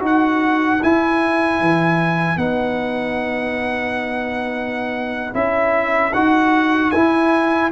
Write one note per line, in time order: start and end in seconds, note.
0.00 0.81 D#4
0.00 0.79 F#4
0.00 7.70 B4
0.06 0.84 F#5
0.83 2.38 E4
0.83 1.61 E4
0.83 2.38 G#5
1.61 2.37 E3
2.37 5.33 B3
2.37 5.34 D#4
2.37 5.34 F#5
5.34 6.13 C#4
5.34 6.13 E4
5.34 6.14 E5
6.14 6.93 D#4
6.14 6.94 F#4
6.14 6.92 F#5
6.92 7.73 E4
6.92 7.71 G#5